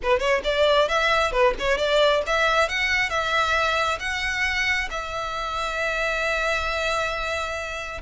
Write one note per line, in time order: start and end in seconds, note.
0.02 0.19 B4
0.19 0.41 C#5
0.44 0.88 D5
0.88 1.32 E5
1.32 1.54 B4
1.59 1.77 C#5
1.77 2.22 D5
2.26 2.68 E5
2.68 3.09 F#5
3.09 3.98 E5
3.99 4.88 F#5
4.90 8.01 E5